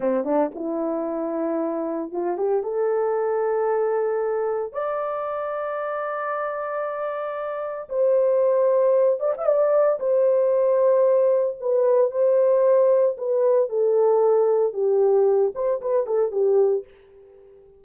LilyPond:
\new Staff \with { instrumentName = "horn" } { \time 4/4 \tempo 4 = 114 c'8 d'8 e'2. | f'8 g'8 a'2.~ | a'4 d''2.~ | d''2. c''4~ |
c''4. d''16 e''16 d''4 c''4~ | c''2 b'4 c''4~ | c''4 b'4 a'2 | g'4. c''8 b'8 a'8 g'4 | }